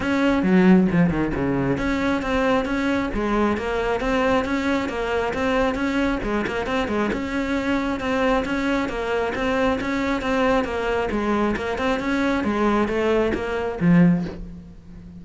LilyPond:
\new Staff \with { instrumentName = "cello" } { \time 4/4 \tempo 4 = 135 cis'4 fis4 f8 dis8 cis4 | cis'4 c'4 cis'4 gis4 | ais4 c'4 cis'4 ais4 | c'4 cis'4 gis8 ais8 c'8 gis8 |
cis'2 c'4 cis'4 | ais4 c'4 cis'4 c'4 | ais4 gis4 ais8 c'8 cis'4 | gis4 a4 ais4 f4 | }